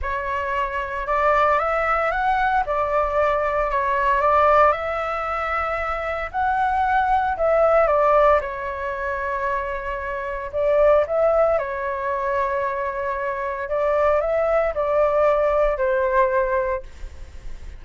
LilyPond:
\new Staff \with { instrumentName = "flute" } { \time 4/4 \tempo 4 = 114 cis''2 d''4 e''4 | fis''4 d''2 cis''4 | d''4 e''2. | fis''2 e''4 d''4 |
cis''1 | d''4 e''4 cis''2~ | cis''2 d''4 e''4 | d''2 c''2 | }